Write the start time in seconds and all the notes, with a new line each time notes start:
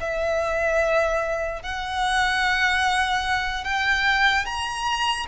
0.00 E5
1.62 F#5
3.64 G5
4.45 A#5